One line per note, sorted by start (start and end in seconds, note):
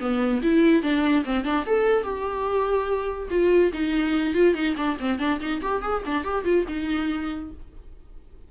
0.00 0.42 B3
0.43 0.83 E4
0.83 1.24 D4
1.25 1.45 C4
1.45 1.66 D4
1.66 2.04 A4
2.04 3.29 G4
3.30 3.72 F4
3.73 4.34 D#4
4.34 4.55 F4
4.55 4.76 D#4
4.77 4.98 D4
5.00 5.19 C4
5.19 5.40 D4
5.41 5.62 D#4
5.62 5.82 G4
5.82 6.03 G#4
6.06 6.25 D4
6.25 6.45 G4
6.45 6.66 F4
6.68 7.52 D#4